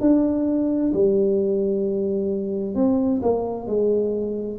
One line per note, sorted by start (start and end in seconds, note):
0.00 0.92 D4
0.93 2.75 G3
2.75 3.21 C4
3.22 3.67 A#3
3.67 4.59 G#3